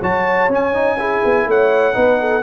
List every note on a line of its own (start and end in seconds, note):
0.00 0.49 F#3
0.00 0.49 F#4
0.00 0.97 C#5
0.00 0.52 A5
0.49 1.21 C#4
0.49 0.73 C#4
0.49 1.50 G#5
0.73 0.98 D#4
0.99 1.93 E4
0.99 1.48 G#4
1.25 1.46 B3
1.46 1.95 A3
1.46 1.96 C#5
1.46 2.43 F#5
1.93 2.43 B3
1.93 2.42 D#4
1.93 2.20 B4
2.20 2.43 A4